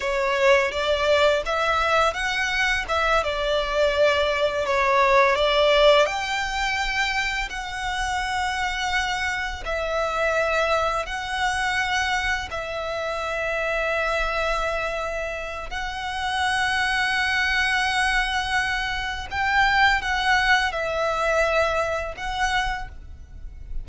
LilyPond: \new Staff \with { instrumentName = "violin" } { \time 4/4 \tempo 4 = 84 cis''4 d''4 e''4 fis''4 | e''8 d''2 cis''4 d''8~ | d''8 g''2 fis''4.~ | fis''4. e''2 fis''8~ |
fis''4. e''2~ e''8~ | e''2 fis''2~ | fis''2. g''4 | fis''4 e''2 fis''4 | }